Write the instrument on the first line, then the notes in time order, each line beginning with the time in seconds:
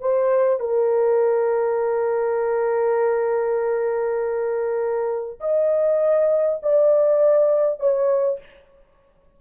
horn
0.00 C5
0.60 A#4
5.40 D#5
6.63 D5
7.80 C#5